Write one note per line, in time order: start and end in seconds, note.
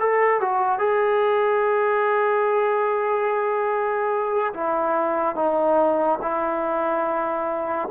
0.00 0.41 A4
0.41 0.79 F#4
0.79 4.54 G#4
4.54 5.36 E4
5.36 6.19 D#4
6.22 7.89 E4